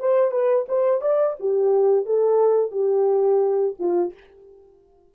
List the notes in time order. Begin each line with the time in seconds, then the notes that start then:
0.00 C5
0.32 B4
0.69 C5
1.02 D5
1.40 G4
2.06 A4
2.72 G4
3.80 F4